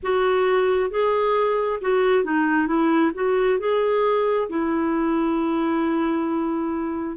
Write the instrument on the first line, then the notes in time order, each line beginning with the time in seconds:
clarinet
0.02 F#4
0.90 G#4
1.81 F#4
2.23 D#4
2.67 E4
3.14 F#4
3.59 G#4
4.49 E4